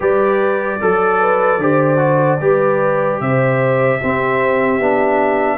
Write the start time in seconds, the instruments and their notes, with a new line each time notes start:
0.00 tuba G3, trombone G4, horn B4, trumpet D5
0.80 tuba F#3, horn A4, trombone A4
1.20 horn B4
1.58 tuba D3, trombone G4, horn C5
1.97 trombone F#4
2.40 tuba G3, trombone G4, horn B4
3.20 tuba C3, horn C5, trumpet E5
4.01 tuba C4, trombone C4, horn G4
4.79 tuba B3, trombone D4